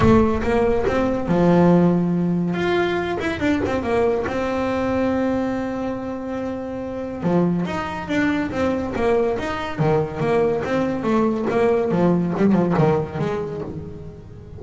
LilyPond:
\new Staff \with { instrumentName = "double bass" } { \time 4/4 \tempo 4 = 141 a4 ais4 c'4 f4~ | f2 f'4. e'8 | d'8 c'8 ais4 c'2~ | c'1~ |
c'4 f4 dis'4 d'4 | c'4 ais4 dis'4 dis4 | ais4 c'4 a4 ais4 | f4 g8 f8 dis4 gis4 | }